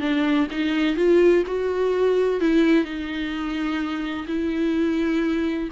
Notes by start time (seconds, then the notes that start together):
0.00 D4
0.51 D#4
0.96 F4
1.47 F#4
2.41 E4
2.85 D#4
4.28 E4